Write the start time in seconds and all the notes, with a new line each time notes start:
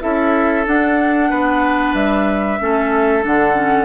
0.00 C#4 E4 A4 E5
0.66 D4 F#5
1.30 B3 B4
1.93 G3 E5
2.59 A3 C#4 A4
3.22 D3 D4 F#5
3.54 C#4